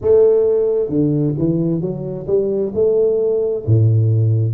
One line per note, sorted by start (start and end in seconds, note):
0.01 0.88 A3
0.88 1.34 D3
1.38 1.81 E3
1.81 2.26 F#3
2.26 2.72 G3
2.74 3.65 A3
3.66 4.53 A2